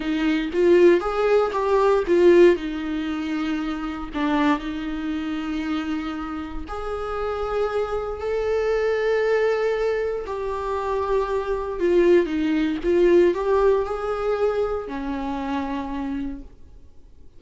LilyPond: \new Staff \with { instrumentName = "viola" } { \time 4/4 \tempo 4 = 117 dis'4 f'4 gis'4 g'4 | f'4 dis'2. | d'4 dis'2.~ | dis'4 gis'2. |
a'1 | g'2. f'4 | dis'4 f'4 g'4 gis'4~ | gis'4 cis'2. | }